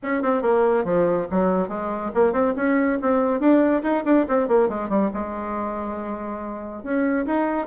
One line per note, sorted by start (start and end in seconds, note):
0.02 0.22 C#4
0.22 0.42 C4
0.42 0.84 A#3
0.84 1.26 F3
1.30 1.68 F#3
1.68 2.11 G#3
2.14 2.32 A#3
2.32 2.54 C4
2.56 2.98 C#4
3.01 3.39 C4
3.39 3.82 D4
3.82 4.04 D#4
4.04 4.26 D4
4.28 4.48 C4
4.48 4.68 A#3
4.68 4.89 G#3
4.89 5.10 G3
5.13 6.83 G#3
6.83 7.25 C#4
7.26 7.66 D#4